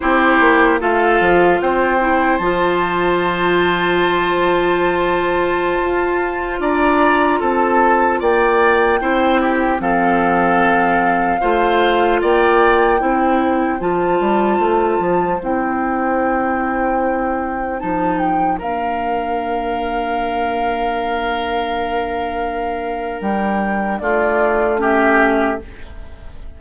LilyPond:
<<
  \new Staff \with { instrumentName = "flute" } { \time 4/4 \tempo 4 = 75 c''4 f''4 g''4 a''4~ | a''1~ | a''16 ais''4 a''4 g''4.~ g''16~ | g''16 f''2. g''8.~ |
g''4~ g''16 a''2 g''8.~ | g''2~ g''16 a''8 g''8 f''8.~ | f''1~ | f''4 g''4 d''4 e''4 | }
  \new Staff \with { instrumentName = "oboe" } { \time 4/4 g'4 a'4 c''2~ | c''1~ | c''16 d''4 a'4 d''4 c''8 g'16~ | g'16 a'2 c''4 d''8.~ |
d''16 c''2.~ c''8.~ | c''2.~ c''16 ais'8.~ | ais'1~ | ais'2 f'4 g'4 | }
  \new Staff \with { instrumentName = "clarinet" } { \time 4/4 e'4 f'4. e'8 f'4~ | f'1~ | f'2.~ f'16 e'8.~ | e'16 c'2 f'4.~ f'16~ |
f'16 e'4 f'2 e'8.~ | e'2~ e'16 dis'4 d'8.~ | d'1~ | d'2. cis'4 | }
  \new Staff \with { instrumentName = "bassoon" } { \time 4/4 c'8 ais8 a8 f8 c'4 f4~ | f2.~ f16 f'8.~ | f'16 d'4 c'4 ais4 c'8.~ | c'16 f2 a4 ais8.~ |
ais16 c'4 f8 g8 a8 f8 c'8.~ | c'2~ c'16 f4 ais8.~ | ais1~ | ais4 g4 a2 | }
>>